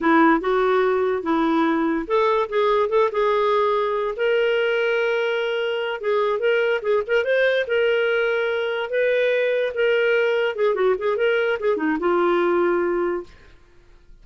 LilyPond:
\new Staff \with { instrumentName = "clarinet" } { \time 4/4 \tempo 4 = 145 e'4 fis'2 e'4~ | e'4 a'4 gis'4 a'8 gis'8~ | gis'2 ais'2~ | ais'2~ ais'8 gis'4 ais'8~ |
ais'8 gis'8 ais'8 c''4 ais'4.~ | ais'4. b'2 ais'8~ | ais'4. gis'8 fis'8 gis'8 ais'4 | gis'8 dis'8 f'2. | }